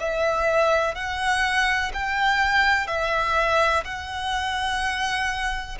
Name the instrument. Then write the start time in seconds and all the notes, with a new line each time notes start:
violin
0.00 E5
0.95 F#5
1.94 G5
2.88 E5
3.85 F#5